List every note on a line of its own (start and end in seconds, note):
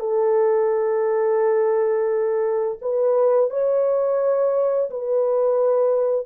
0.00 2.79 A4
2.81 3.50 B4
3.50 4.90 C#5
4.90 6.26 B4